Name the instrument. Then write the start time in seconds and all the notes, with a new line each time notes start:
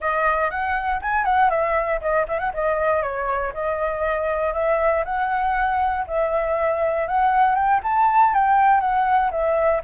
flute
0.00 D#5
0.50 F#5
1.01 G#5
1.24 F#5
1.50 E5
2.01 D#5
2.28 E5
2.39 F#5
2.53 D#5
3.02 C#5
3.53 D#5
4.53 E5
5.04 F#5
6.07 E5
7.07 F#5
7.55 G5
7.83 A5
8.34 G5
8.80 F#5
9.31 E5